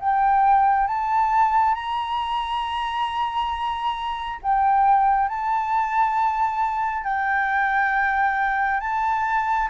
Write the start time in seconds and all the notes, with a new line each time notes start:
0.00 G5
0.87 A5
1.74 A#5
4.42 G5
5.29 A5
7.04 G5
8.80 A5